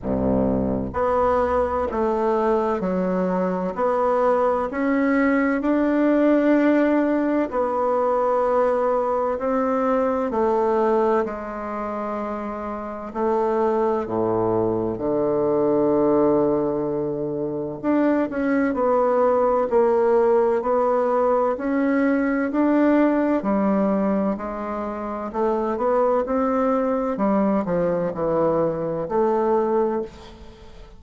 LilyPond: \new Staff \with { instrumentName = "bassoon" } { \time 4/4 \tempo 4 = 64 c,4 b4 a4 fis4 | b4 cis'4 d'2 | b2 c'4 a4 | gis2 a4 a,4 |
d2. d'8 cis'8 | b4 ais4 b4 cis'4 | d'4 g4 gis4 a8 b8 | c'4 g8 f8 e4 a4 | }